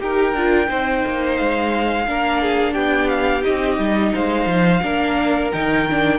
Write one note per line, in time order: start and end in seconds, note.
0.00 0.34 D#4
0.00 0.34 G4
0.00 0.69 A#4
0.00 1.37 G5
0.34 0.68 D4
0.34 0.68 F4
0.68 1.05 C4
0.68 2.06 D#4
0.68 2.07 C5
1.07 1.40 A#3
1.37 2.07 G#3
1.37 2.74 F5
2.07 2.76 A#3
2.07 3.42 D4
2.07 2.42 A#4
2.42 2.74 G#4
2.74 3.45 B3
2.74 4.12 G4
2.74 3.08 G5
3.08 3.43 F5
3.42 3.79 C4
3.42 4.80 D#4
3.42 4.13 D#5
3.79 4.13 G3
4.14 4.46 G#3
4.14 4.83 C5
4.14 5.52 F5
4.46 4.81 F3
4.83 5.53 A#3
4.83 5.52 D4
4.83 6.19 A#4
5.52 6.19 D#3
5.52 5.88 D#4
5.52 6.19 G5
5.91 6.19 D4